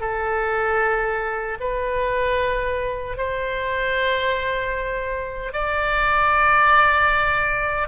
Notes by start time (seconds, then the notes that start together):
0.00 A4
1.60 B4
3.17 C5
5.52 D5